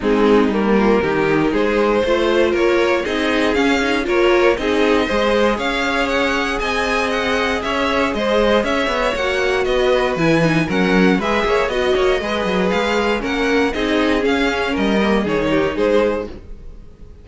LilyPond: <<
  \new Staff \with { instrumentName = "violin" } { \time 4/4 \tempo 4 = 118 gis'4 ais'2 c''4~ | c''4 cis''4 dis''4 f''4 | cis''4 dis''2 f''4 | fis''4 gis''4 fis''4 e''4 |
dis''4 e''4 fis''4 dis''4 | gis''4 fis''4 e''4 dis''4~ | dis''4 f''4 fis''4 dis''4 | f''4 dis''4 cis''4 c''4 | }
  \new Staff \with { instrumentName = "violin" } { \time 4/4 dis'4. f'8 g'4 gis'4 | c''4 ais'4 gis'2 | ais'4 gis'4 c''4 cis''4~ | cis''4 dis''2 cis''4 |
c''4 cis''2 b'4~ | b'4 ais'4 b'8 cis''8 dis''8 cis''8 | b'2 ais'4 gis'4~ | gis'4 ais'4 gis'8 g'8 gis'4 | }
  \new Staff \with { instrumentName = "viola" } { \time 4/4 c'4 ais4 dis'2 | f'2 dis'4 cis'8 dis'8 | f'4 dis'4 gis'2~ | gis'1~ |
gis'2 fis'2 | e'8 dis'8 cis'4 gis'4 fis'4 | gis'2 cis'4 dis'4 | cis'4. ais8 dis'2 | }
  \new Staff \with { instrumentName = "cello" } { \time 4/4 gis4 g4 dis4 gis4 | a4 ais4 c'4 cis'4 | ais4 c'4 gis4 cis'4~ | cis'4 c'2 cis'4 |
gis4 cis'8 b8 ais4 b4 | e4 fis4 gis8 ais8 b8 ais8 | gis8 fis8 gis4 ais4 c'4 | cis'4 g4 dis4 gis4 | }
>>